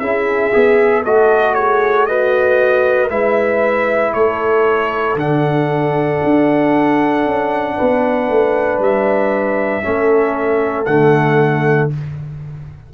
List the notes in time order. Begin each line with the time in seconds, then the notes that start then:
0.00 C#4 E4 G#4 E5
0.53 B3 G#4
1.04 A3 F#4 A4 D#5
1.55 G#4 C#5
2.06 F#4 B4 D#5
3.09 G#3 E4 B4 E5
4.13 A3 A4 C#5
5.16 D3 D4 F#5
6.24 D4
7.25 C#4
7.76 B3 B4
8.29 A3
8.79 G3 E5
9.83 A3 C#4 A4
10.85 D3 A3 F#5